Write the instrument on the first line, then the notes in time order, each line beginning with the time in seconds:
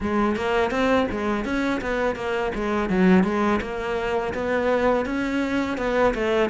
cello
0.00 G#3
0.35 A#3
0.70 C4
1.11 G#3
1.44 C#4
1.81 B3
2.15 A#3
2.54 G#3
2.89 F#3
3.23 G#3
3.61 A#3
4.33 B3
5.05 C#4
5.77 B3
6.14 A3